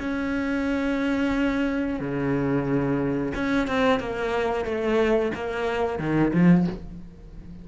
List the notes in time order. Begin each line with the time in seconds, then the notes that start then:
0.00 C#4
2.00 C#3
3.35 C#4
3.68 C4
4.00 A#3
4.65 A3
5.35 A#3
5.99 D#3
6.34 F3